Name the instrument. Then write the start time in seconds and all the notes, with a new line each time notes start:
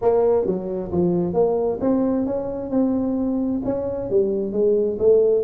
tuba
0.01 A#3
0.45 F#3
0.91 F3
1.33 A#3
1.81 C4
2.26 C#4
2.70 C4
3.64 C#4
4.10 G3
4.52 G#3
4.99 A3